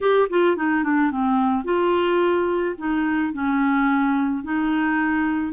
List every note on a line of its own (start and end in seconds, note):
0.00 0.28 G4
0.29 0.56 F4
0.56 0.83 D#4
0.83 1.11 D4
1.11 1.64 C4
1.64 2.75 F4
2.78 3.33 D#4
3.33 4.43 C#4
4.43 5.53 D#4